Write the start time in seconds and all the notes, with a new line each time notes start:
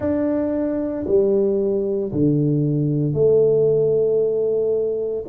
0.00 D4
1.06 G3
2.12 D3
3.13 A3